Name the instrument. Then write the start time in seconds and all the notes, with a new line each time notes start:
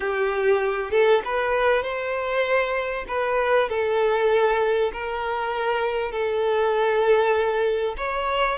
violin
0.00 G4
0.90 A4
1.24 B4
1.82 C5
3.08 B4
3.69 A4
4.92 A#4
6.11 A4
7.97 C#5